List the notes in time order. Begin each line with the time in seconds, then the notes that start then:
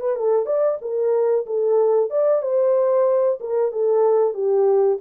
0.00 B4
0.16 A4
0.46 D5
0.81 A#4
1.46 A4
2.10 D5
2.42 C5
3.40 A#4
3.72 A4
4.34 G4